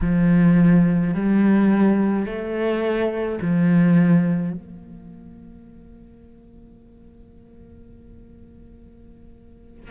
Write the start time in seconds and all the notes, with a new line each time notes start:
0.00 F3
1.14 G3
2.25 A3
3.41 F3
4.53 A#3